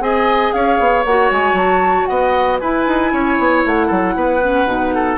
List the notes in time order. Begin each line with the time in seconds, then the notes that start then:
0.00 C4 G#4 D#5 G#5
0.52 C#4 C#5 F5
0.79 B3
1.05 A#3 F#4 F#5
1.31 G#3 G#5
1.53 F#3 A5
2.05 B3 D#5 F#5
2.60 E4 B4 G#5
2.87 D#4
3.12 C#4 C#5
3.39 B3
3.66 A3 F#5
3.87 F#3 A4
4.16 B3 B4
4.41 C#4
4.65 B2 D#4
4.94 A4